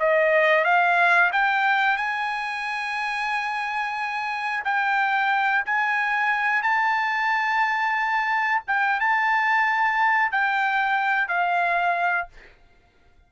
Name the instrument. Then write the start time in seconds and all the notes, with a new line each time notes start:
trumpet
0.00 D#5
0.65 F5
1.33 G5
1.97 G#5
4.65 G5
5.66 G#5
6.63 A5
8.68 G5
9.00 A5
10.32 G5
11.28 F5